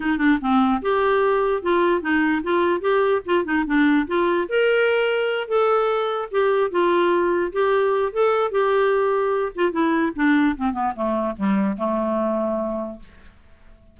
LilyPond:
\new Staff \with { instrumentName = "clarinet" } { \time 4/4 \tempo 4 = 148 dis'8 d'8 c'4 g'2 | f'4 dis'4 f'4 g'4 | f'8 dis'8 d'4 f'4 ais'4~ | ais'4. a'2 g'8~ |
g'8 f'2 g'4. | a'4 g'2~ g'8 f'8 | e'4 d'4 c'8 b8 a4 | g4 a2. | }